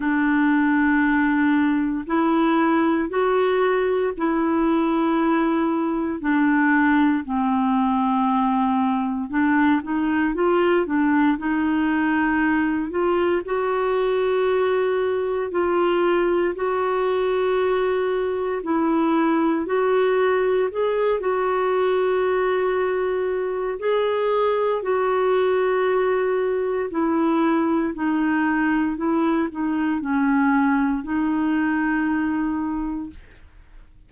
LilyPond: \new Staff \with { instrumentName = "clarinet" } { \time 4/4 \tempo 4 = 58 d'2 e'4 fis'4 | e'2 d'4 c'4~ | c'4 d'8 dis'8 f'8 d'8 dis'4~ | dis'8 f'8 fis'2 f'4 |
fis'2 e'4 fis'4 | gis'8 fis'2~ fis'8 gis'4 | fis'2 e'4 dis'4 | e'8 dis'8 cis'4 dis'2 | }